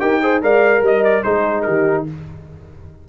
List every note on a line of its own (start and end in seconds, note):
0.00 0.43 D#4
0.00 0.21 G4
0.00 0.22 A#4
0.00 0.41 G5
0.22 0.42 G#4
0.22 0.42 C5
0.42 0.82 G#3
0.42 1.24 A#4
0.42 0.84 D5
0.42 0.84 F5
0.82 1.23 G3
0.82 1.24 D#5
0.82 1.04 D#5
1.04 1.23 D5
1.23 1.67 G#3
1.23 2.07 D#4
1.23 1.66 G#4
1.23 1.62 C5
1.62 2.09 D#3
1.62 2.08 G4
1.62 2.04 A#4